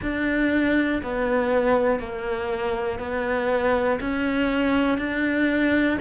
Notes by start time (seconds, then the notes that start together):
0.02 D4
1.02 B3
2.00 A#3
2.99 B3
4.00 C#4
4.98 D4